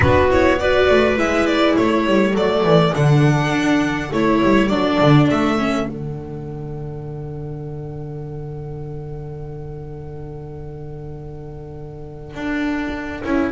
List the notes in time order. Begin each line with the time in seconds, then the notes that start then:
0.00 B3 D4 F#4 B4
0.30 E4 C#5
0.58 F#4 B4 D5
0.90 A3
1.16 G#3 E4 E5
1.46 D5
1.76 A3 A4 C#5
2.06 G3
2.33 F#3 A3 D5
2.63 E3
2.94 D3 D4 F#5
3.51 D4
4.12 A3 E4 C#5
4.43 G3
4.67 F#3 D4 D5
5.00 D3
5.30 A3 E5
5.58 C#4
5.87 D3 D4 F#5
12.34 D4
13.23 C#4 E4